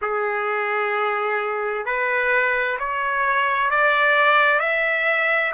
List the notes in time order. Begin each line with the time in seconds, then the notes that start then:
0.01 G#4
1.85 B4
2.79 C#5
3.70 D5
4.59 E5